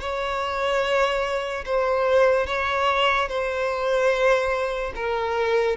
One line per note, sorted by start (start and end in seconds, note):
0.00 1.64 C#5
1.65 2.47 C5
2.47 3.28 C#5
3.28 4.93 C5
4.95 5.76 A#4